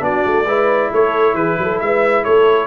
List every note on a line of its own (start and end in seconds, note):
0.00 0.23 B3
0.00 0.44 D4
0.00 0.46 F#4
0.00 0.93 D5
0.26 0.46 A3
0.46 0.90 G#3
0.46 2.67 E4
0.46 0.91 B4
0.92 1.34 A3
0.92 1.35 A4
0.92 1.35 C#5
1.34 1.56 E3
1.34 1.58 G#4
1.34 1.80 B4
1.58 1.81 F#3
1.58 1.85 A4
1.80 2.25 G#3
1.80 2.24 B4
1.80 2.24 E5
2.24 2.67 A3
2.24 2.67 A4
2.24 2.67 C#5